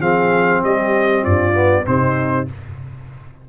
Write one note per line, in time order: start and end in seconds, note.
0.00 0.61 F3
0.00 1.53 C4
0.00 0.61 G#4
0.00 0.62 F5
0.63 1.25 G3
0.63 1.22 G4
0.63 1.24 D#5
1.22 1.86 G2
1.22 1.83 F4
1.22 1.85 D5
1.53 1.84 B3
1.84 2.48 C3
1.84 2.45 C4
1.84 2.49 D#4
1.84 2.47 C5